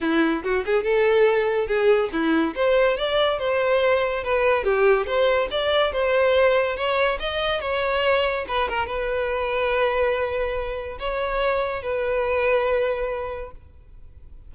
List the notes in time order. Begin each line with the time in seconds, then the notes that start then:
0.00 E4
0.43 F#4
0.65 G#4
0.83 A4
1.67 G#4
2.12 E4
2.55 C5
2.97 D5
3.39 C5
4.23 B4
4.64 G4
5.06 C5
5.50 D5
5.92 C5
6.76 C#5
7.19 D#5
7.60 C#5
8.48 B4
8.68 A#4
8.86 B4
10.99 C#5
11.82 B4